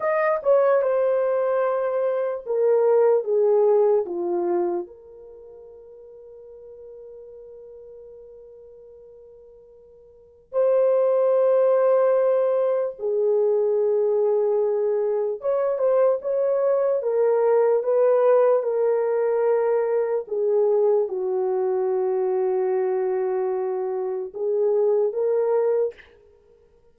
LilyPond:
\new Staff \with { instrumentName = "horn" } { \time 4/4 \tempo 4 = 74 dis''8 cis''8 c''2 ais'4 | gis'4 f'4 ais'2~ | ais'1~ | ais'4 c''2. |
gis'2. cis''8 c''8 | cis''4 ais'4 b'4 ais'4~ | ais'4 gis'4 fis'2~ | fis'2 gis'4 ais'4 | }